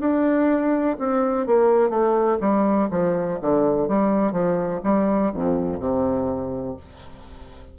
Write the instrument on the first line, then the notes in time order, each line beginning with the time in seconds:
bassoon
0.00 D4
0.99 C4
1.46 A#3
1.90 A3
2.41 G3
2.91 F3
3.42 D3
3.88 G3
4.32 F3
4.84 G3
5.34 F2
5.80 C3